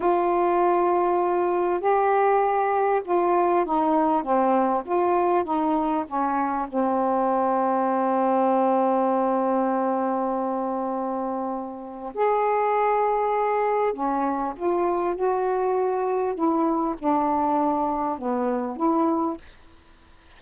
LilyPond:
\new Staff \with { instrumentName = "saxophone" } { \time 4/4 \tempo 4 = 99 f'2. g'4~ | g'4 f'4 dis'4 c'4 | f'4 dis'4 cis'4 c'4~ | c'1~ |
c'1 | gis'2. cis'4 | f'4 fis'2 e'4 | d'2 b4 e'4 | }